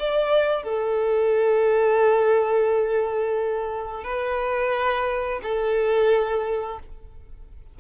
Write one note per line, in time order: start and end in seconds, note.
0.00 0.63 D5
0.63 4.04 A4
4.04 5.41 B4
5.43 6.80 A4